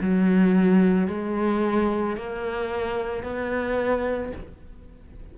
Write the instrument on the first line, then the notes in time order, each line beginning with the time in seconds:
cello
0.00 F#3
1.07 G#3
2.17 A#3
3.23 B3